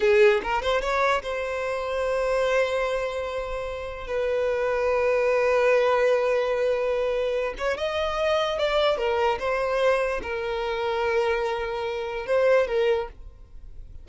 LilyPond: \new Staff \with { instrumentName = "violin" } { \time 4/4 \tempo 4 = 147 gis'4 ais'8 c''8 cis''4 c''4~ | c''1~ | c''2 b'2~ | b'1~ |
b'2~ b'8 cis''8 dis''4~ | dis''4 d''4 ais'4 c''4~ | c''4 ais'2.~ | ais'2 c''4 ais'4 | }